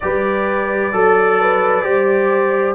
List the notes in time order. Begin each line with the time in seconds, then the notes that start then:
0.00 G3 G4 B4 D5
0.92 F#3 A4
1.40 B4
1.82 G3 G4 C5